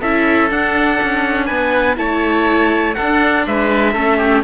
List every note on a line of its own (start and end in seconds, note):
0.00 0.50 C#4
0.00 0.50 E4
0.00 1.46 A4
0.00 0.51 E5
0.50 1.96 D4
0.50 1.00 D4
0.50 1.45 F#5
1.02 1.50 C#4
1.45 1.98 B3
1.45 1.95 B4
1.45 1.95 G#5
1.96 2.96 A3
1.96 2.94 E4
1.96 2.96 C#5
1.96 2.94 A5
2.94 3.46 D4
2.94 3.95 D4
2.94 3.46 A4
2.94 3.43 F#5
3.46 3.94 G#3
3.46 3.93 B4
3.46 4.44 E5
3.93 4.44 A3
3.93 4.44 C#4
3.93 4.17 A4
4.17 4.42 G4